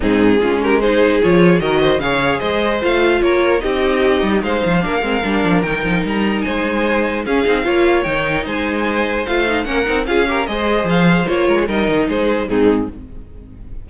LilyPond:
<<
  \new Staff \with { instrumentName = "violin" } { \time 4/4 \tempo 4 = 149 gis'4. ais'8 c''4 cis''4 | dis''4 f''4 dis''4 f''4 | cis''4 dis''2 f''4~ | f''2 g''4 ais''4 |
gis''2 f''2 | g''4 gis''2 f''4 | fis''4 f''4 dis''4 f''4 | cis''4 dis''4 c''4 gis'4 | }
  \new Staff \with { instrumentName = "violin" } { \time 4/4 dis'4 f'8 g'8 gis'2 | ais'8 c''8 cis''4 c''2 | ais'4 g'2 c''4 | ais'1 |
c''2 gis'4 cis''4~ | cis''4 c''2. | ais'4 gis'8 ais'8 c''2~ | c''8 ais'16 gis'16 ais'4 gis'4 dis'4 | }
  \new Staff \with { instrumentName = "viola" } { \time 4/4 c'4 cis'4 dis'4 f'4 | fis'4 gis'2 f'4~ | f'4 dis'2. | d'8 c'8 d'4 dis'2~ |
dis'2 cis'8 dis'8 f'4 | dis'2. f'8 dis'8 | cis'8 dis'8 f'8 g'8 gis'2 | f'4 dis'2 c'4 | }
  \new Staff \with { instrumentName = "cello" } { \time 4/4 gis,4 gis2 f4 | dis4 cis4 gis4 a4 | ais4 c'4. g8 gis8 f8 | ais8 gis8 g8 f8 dis8 f8 g4 |
gis2 cis'8 c'8 ais4 | dis4 gis2 a4 | ais8 c'8 cis'4 gis4 f4 | ais8 gis8 g8 dis8 gis4 gis,4 | }
>>